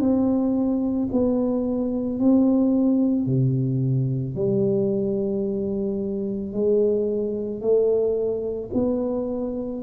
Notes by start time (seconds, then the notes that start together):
0.00 C4
1.12 B3
2.19 C4
3.26 C3
4.35 G3
6.53 G#3
7.61 A3
8.74 B3